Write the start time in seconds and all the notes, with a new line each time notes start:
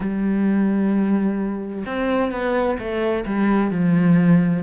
0.00 G3
1.86 C4
2.31 B3
2.78 A3
3.26 G3
3.70 F3